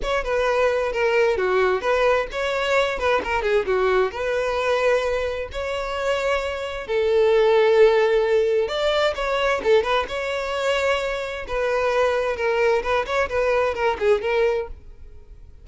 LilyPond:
\new Staff \with { instrumentName = "violin" } { \time 4/4 \tempo 4 = 131 cis''8 b'4. ais'4 fis'4 | b'4 cis''4. b'8 ais'8 gis'8 | fis'4 b'2. | cis''2. a'4~ |
a'2. d''4 | cis''4 a'8 b'8 cis''2~ | cis''4 b'2 ais'4 | b'8 cis''8 b'4 ais'8 gis'8 ais'4 | }